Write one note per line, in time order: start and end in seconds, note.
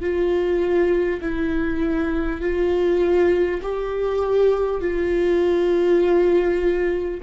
0.00 1.20 F4
1.21 2.41 E4
2.41 3.61 F4
3.62 4.81 G4
4.81 7.21 F4